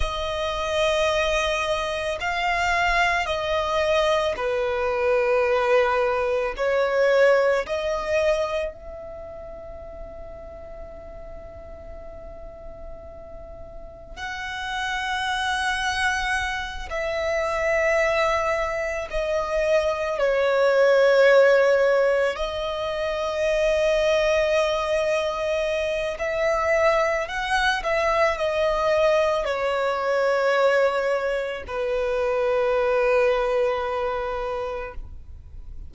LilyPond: \new Staff \with { instrumentName = "violin" } { \time 4/4 \tempo 4 = 55 dis''2 f''4 dis''4 | b'2 cis''4 dis''4 | e''1~ | e''4 fis''2~ fis''8 e''8~ |
e''4. dis''4 cis''4.~ | cis''8 dis''2.~ dis''8 | e''4 fis''8 e''8 dis''4 cis''4~ | cis''4 b'2. | }